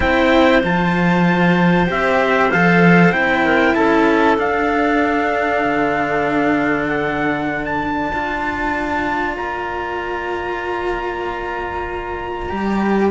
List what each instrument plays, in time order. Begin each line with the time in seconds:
0.00 cello C4 E4, clarinet C5, trumpet G5
0.63 cello F3 F4, trumpet A5
1.86 cello C4 G4, trumpet E5
2.51 cello F3 A4, trumpet F5
3.12 cello C4 E4, trumpet G5
3.44 clarinet A#4
3.74 cello C#4, clarinet A4, trumpet A5
4.37 cello D4, trumpet F5
5.63 cello D3
6.87 trumpet F#5
7.48 clarinet D5
7.65 trumpet A5
8.11 cello D4 F4
9.36 cello A#3, trumpet A#5
12.49 cello G3 G4